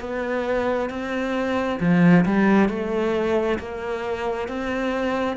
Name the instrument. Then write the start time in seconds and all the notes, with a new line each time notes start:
cello
0.00 B3
0.90 C4
1.80 F3
2.25 G3
2.69 A3
3.59 A#3
4.48 C4